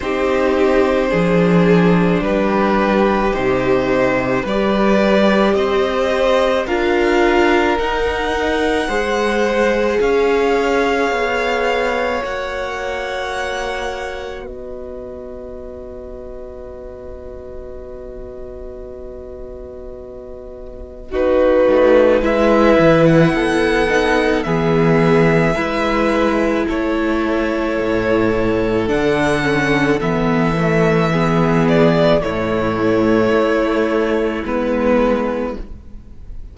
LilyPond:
<<
  \new Staff \with { instrumentName = "violin" } { \time 4/4 \tempo 4 = 54 c''2 b'4 c''4 | d''4 dis''4 f''4 fis''4~ | fis''4 f''2 fis''4~ | fis''4 dis''2.~ |
dis''2. b'4 | e''8. fis''4~ fis''16 e''2 | cis''2 fis''4 e''4~ | e''8 d''8 cis''2 b'4 | }
  \new Staff \with { instrumentName = "violin" } { \time 4/4 g'4 gis'4 g'2 | b'4 c''4 ais'2 | c''4 cis''2.~ | cis''4 b'2.~ |
b'2. fis'4 | b'4 a'4 gis'4 b'4 | a'1 | gis'4 e'2. | }
  \new Staff \with { instrumentName = "viola" } { \time 4/4 dis'4 d'2 dis'4 | g'2 f'4 dis'4 | gis'2. fis'4~ | fis'1~ |
fis'2. dis'4 | e'4. dis'8 b4 e'4~ | e'2 d'8 cis'8 b8 a8 | b4 a2 b4 | }
  \new Staff \with { instrumentName = "cello" } { \time 4/4 c'4 f4 g4 c4 | g4 c'4 d'4 dis'4 | gis4 cis'4 b4 ais4~ | ais4 b2.~ |
b2.~ b8 a8 | gis8 e8 b4 e4 gis4 | a4 a,4 d4 e4~ | e4 a,4 a4 gis4 | }
>>